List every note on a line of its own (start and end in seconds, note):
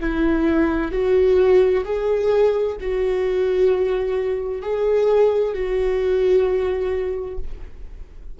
0.00 0.92 E4
0.92 1.84 F#4
1.85 2.77 G#4
2.81 4.62 F#4
4.62 5.54 G#4
5.54 7.38 F#4